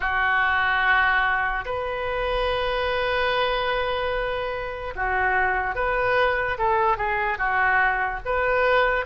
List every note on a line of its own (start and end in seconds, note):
0.00 1.64 F#4
1.65 4.94 B4
4.95 5.75 F#4
5.75 6.57 B4
6.58 6.97 A4
6.97 7.37 G#4
7.37 8.20 F#4
8.25 9.05 B4